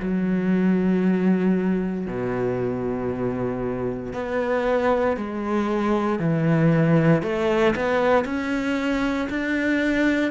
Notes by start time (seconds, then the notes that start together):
0.00 F#3
2.06 B2
4.13 B3
5.17 G#3
6.19 E3
7.23 A3
7.75 B3
8.25 C#4
9.30 D4